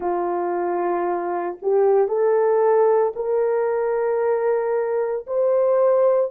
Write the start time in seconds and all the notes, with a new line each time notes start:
0.00 F4
1.61 G4
2.08 A4
3.15 A#4
5.26 C5